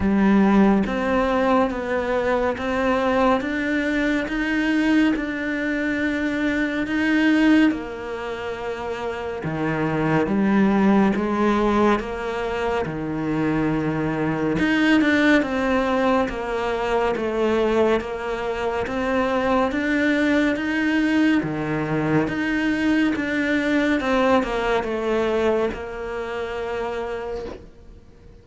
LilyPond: \new Staff \with { instrumentName = "cello" } { \time 4/4 \tempo 4 = 70 g4 c'4 b4 c'4 | d'4 dis'4 d'2 | dis'4 ais2 dis4 | g4 gis4 ais4 dis4~ |
dis4 dis'8 d'8 c'4 ais4 | a4 ais4 c'4 d'4 | dis'4 dis4 dis'4 d'4 | c'8 ais8 a4 ais2 | }